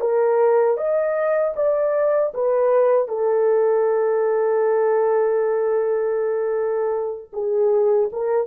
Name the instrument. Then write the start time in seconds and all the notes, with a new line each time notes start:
horn
0.00 A#4
0.77 D#5
1.56 D5
2.34 B4
3.08 A4
7.33 G#4
8.12 A#4